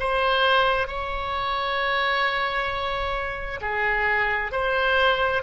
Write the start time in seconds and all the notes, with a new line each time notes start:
0.00 C5
0.88 C#5
3.61 G#4
4.52 C5